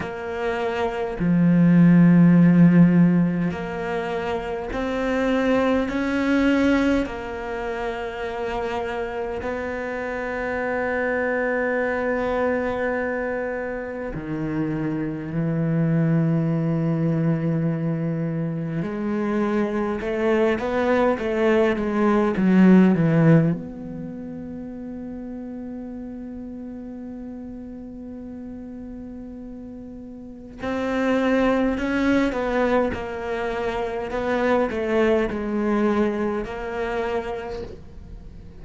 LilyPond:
\new Staff \with { instrumentName = "cello" } { \time 4/4 \tempo 4 = 51 ais4 f2 ais4 | c'4 cis'4 ais2 | b1 | dis4 e2. |
gis4 a8 b8 a8 gis8 fis8 e8 | b1~ | b2 c'4 cis'8 b8 | ais4 b8 a8 gis4 ais4 | }